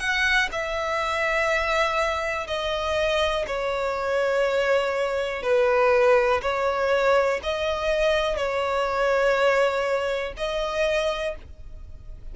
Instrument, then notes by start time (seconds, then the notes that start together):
violin
0.00 F#5
0.52 E5
2.47 D#5
3.47 C#5
5.43 B4
6.42 C#5
7.43 D#5
8.37 C#5
10.37 D#5